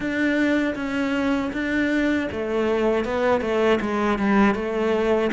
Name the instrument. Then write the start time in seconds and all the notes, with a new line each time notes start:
cello
0.00 D4
0.75 C#4
1.52 D4
2.31 A3
3.04 B3
3.41 A3
3.80 G#3
4.18 G3
4.54 A3